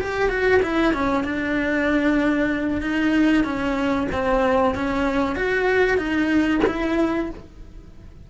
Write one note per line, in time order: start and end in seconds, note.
0.00 0.29 G4
0.29 0.60 F#4
0.62 0.93 E4
0.93 1.23 C#4
1.23 2.81 D4
2.81 3.44 D#4
3.44 4.07 C#4
4.12 4.75 C4
4.75 5.35 C#4
5.35 5.97 F#4
5.97 6.60 D#4
6.67 7.30 E4